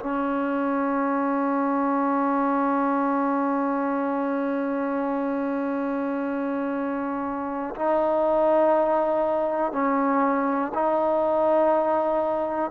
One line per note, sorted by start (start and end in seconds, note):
0.00 7.75 C#4
7.75 9.72 D#4
9.72 10.72 C#4
10.74 12.71 D#4